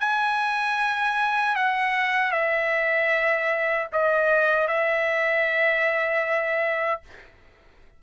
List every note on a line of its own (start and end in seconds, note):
0.00 1.55 G#5
1.55 2.31 F#5
2.31 3.87 E5
3.92 4.67 D#5
4.67 7.01 E5